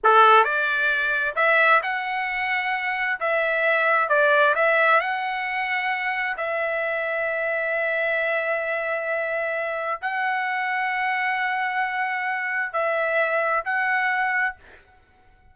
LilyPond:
\new Staff \with { instrumentName = "trumpet" } { \time 4/4 \tempo 4 = 132 a'4 d''2 e''4 | fis''2. e''4~ | e''4 d''4 e''4 fis''4~ | fis''2 e''2~ |
e''1~ | e''2 fis''2~ | fis''1 | e''2 fis''2 | }